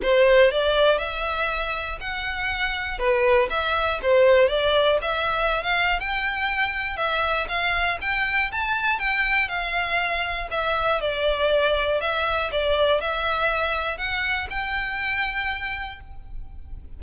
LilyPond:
\new Staff \with { instrumentName = "violin" } { \time 4/4 \tempo 4 = 120 c''4 d''4 e''2 | fis''2 b'4 e''4 | c''4 d''4 e''4~ e''16 f''8. | g''2 e''4 f''4 |
g''4 a''4 g''4 f''4~ | f''4 e''4 d''2 | e''4 d''4 e''2 | fis''4 g''2. | }